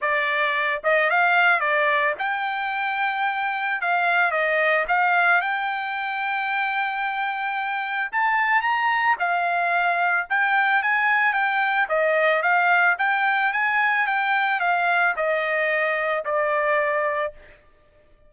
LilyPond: \new Staff \with { instrumentName = "trumpet" } { \time 4/4 \tempo 4 = 111 d''4. dis''8 f''4 d''4 | g''2. f''4 | dis''4 f''4 g''2~ | g''2. a''4 |
ais''4 f''2 g''4 | gis''4 g''4 dis''4 f''4 | g''4 gis''4 g''4 f''4 | dis''2 d''2 | }